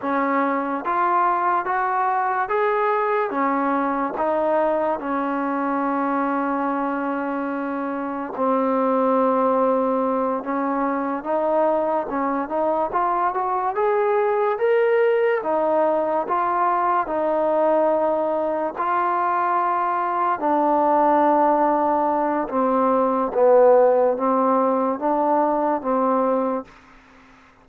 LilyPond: \new Staff \with { instrumentName = "trombone" } { \time 4/4 \tempo 4 = 72 cis'4 f'4 fis'4 gis'4 | cis'4 dis'4 cis'2~ | cis'2 c'2~ | c'8 cis'4 dis'4 cis'8 dis'8 f'8 |
fis'8 gis'4 ais'4 dis'4 f'8~ | f'8 dis'2 f'4.~ | f'8 d'2~ d'8 c'4 | b4 c'4 d'4 c'4 | }